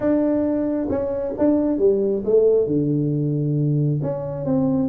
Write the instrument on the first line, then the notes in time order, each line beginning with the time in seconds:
tuba
0.00 D4
0.89 C#4
1.38 D4
1.78 G3
2.24 A3
2.66 D3
4.02 C#4
4.45 C4